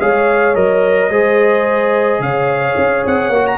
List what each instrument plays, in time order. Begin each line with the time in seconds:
0.00 tuba G#3, trombone G#4, horn C#5, trumpet F5
0.55 tuba F#3, trombone A#4, trumpet D#5
1.10 tuba G#3, trombone G#4, horn C5
2.20 tuba C#3, horn C#5, trumpet F5
2.78 tuba C#4
3.06 tuba C4, trumpet F#5
3.30 tuba A#3, trombone F#4
3.47 trumpet A#5